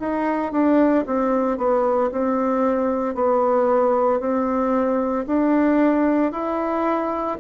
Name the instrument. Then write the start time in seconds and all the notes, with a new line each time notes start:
bassoon
0.00 D#4
0.52 D4
1.06 C4
1.58 B3
2.12 C4
3.15 B3
4.20 C4
5.27 D4
6.32 E4